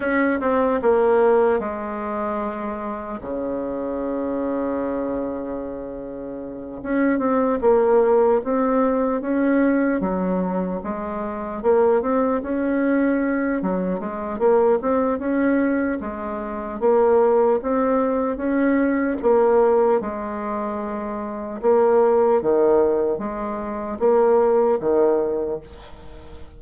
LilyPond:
\new Staff \with { instrumentName = "bassoon" } { \time 4/4 \tempo 4 = 75 cis'8 c'8 ais4 gis2 | cis1~ | cis8 cis'8 c'8 ais4 c'4 cis'8~ | cis'8 fis4 gis4 ais8 c'8 cis'8~ |
cis'4 fis8 gis8 ais8 c'8 cis'4 | gis4 ais4 c'4 cis'4 | ais4 gis2 ais4 | dis4 gis4 ais4 dis4 | }